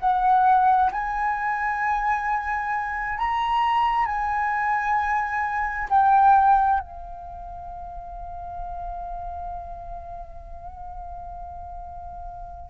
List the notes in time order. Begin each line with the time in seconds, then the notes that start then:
0.00 F#5
0.92 G#5
3.18 A#5
4.06 G#5
5.90 G5
6.80 F5